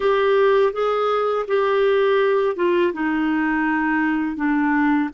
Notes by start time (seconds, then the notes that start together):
0.00 G4
0.73 G#4
1.47 G4
2.56 F4
2.93 D#4
4.36 D4